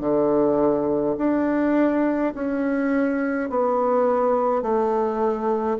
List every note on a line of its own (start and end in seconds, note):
0.00 1.15 D3
1.17 2.33 D4
2.34 3.49 C#4
3.49 4.62 B3
4.62 5.77 A3